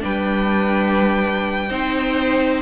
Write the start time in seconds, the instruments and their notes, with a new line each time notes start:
0.00 cello G3, viola D4, violin B4 G5
1.68 cello C4, viola D#4, violin C5